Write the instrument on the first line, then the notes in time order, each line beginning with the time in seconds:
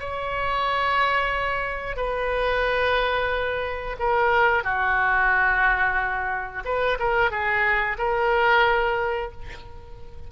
oboe
0.00 C#5
1.97 B4
4.00 A#4
4.64 F#4
6.65 B4
6.99 A#4
7.31 G#4
7.98 A#4